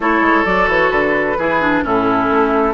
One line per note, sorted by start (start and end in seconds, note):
0.00 0.20 A3
0.00 0.44 E4
0.00 1.38 A4
0.00 0.45 C#5
0.20 0.43 G#3
0.44 0.67 F#3
0.44 1.36 F#4
0.44 0.68 D5
0.67 0.90 E3
0.67 0.90 C#5
0.90 1.36 D3
0.90 1.82 B4
1.37 1.83 E3
1.37 1.61 E4
1.37 1.83 G#4
1.61 1.82 D4
1.82 2.29 A2
1.82 2.74 C#4
1.82 2.74 E4
1.82 2.74 A4
2.29 2.74 A3